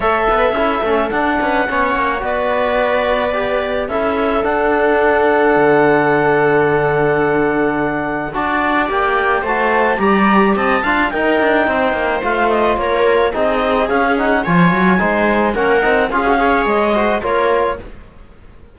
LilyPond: <<
  \new Staff \with { instrumentName = "clarinet" } { \time 4/4 \tempo 4 = 108 e''2 fis''2 | d''2. e''4 | fis''1~ | fis''2. a''4 |
g''4 a''4 ais''4 a''4 | g''2 f''8 dis''8 cis''4 | dis''4 f''8 fis''8 gis''2 | fis''4 f''4 dis''4 cis''4 | }
  \new Staff \with { instrumentName = "viola" } { \time 4/4 cis''8 b'8 a'4. b'8 cis''4 | b'2. a'4~ | a'1~ | a'2. d''4~ |
d''4 c''4 d''4 dis''8 f''8 | ais'4 c''2 ais'4 | gis'2 cis''4 c''4 | ais'4 gis'8 cis''4 c''8 ais'4 | }
  \new Staff \with { instrumentName = "trombone" } { \time 4/4 a'4 e'8 cis'8 d'4 cis'4 | fis'2 g'4 e'4 | d'1~ | d'2. fis'4 |
g'4 fis'4 g'4. f'8 | dis'2 f'2 | dis'4 cis'8 dis'8 f'4 dis'4 | cis'8 dis'8 f'16 fis'16 gis'4 fis'8 f'4 | }
  \new Staff \with { instrumentName = "cello" } { \time 4/4 a8 b8 cis'8 a8 d'8 cis'8 b8 ais8 | b2. cis'4 | d'2 d2~ | d2. d'4 |
ais4 a4 g4 c'8 d'8 | dis'8 d'8 c'8 ais8 a4 ais4 | c'4 cis'4 f8 fis8 gis4 | ais8 c'8 cis'4 gis4 ais4 | }
>>